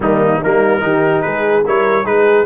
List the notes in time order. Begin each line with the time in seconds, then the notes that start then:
0.00 D#3 G3 A#3 D#4
0.40 G3 A#3 D#4 A#4
0.80 D#3 D#4 G4
1.21 G#3 G#4 B4
1.64 G3 E4 A#4 C#5
2.04 G#3 D#4 G#4 B4